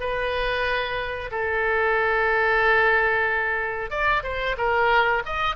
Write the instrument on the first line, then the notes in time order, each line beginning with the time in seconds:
oboe
0.00 B4
1.31 A4
3.90 D5
4.24 C5
4.58 A#4
5.26 D#5